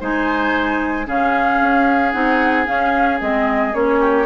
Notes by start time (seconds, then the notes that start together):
0.00 G#3 D#4 C5 G#5
1.05 C#3 C#4 G#4 F5
1.61 C#4
2.12 C4 D#4 F#5
2.66 C#4 F5
3.20 G#3 C4 D#5
3.73 A#3 C#4 C#5
4.00 G4